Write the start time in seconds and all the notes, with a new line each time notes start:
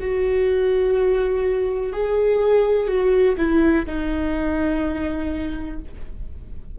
0.00 F#4
1.93 G#4
2.87 F#4
3.37 E4
3.85 D#4